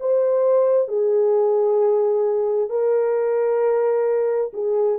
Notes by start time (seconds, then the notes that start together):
0.00 C5
0.88 G#4
2.70 A#4
4.53 G#4